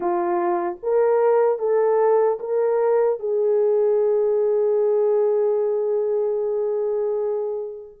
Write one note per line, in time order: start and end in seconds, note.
0.00 0.77 F4
0.82 1.59 A#4
1.59 2.39 A4
2.39 3.19 A#4
3.19 7.99 G#4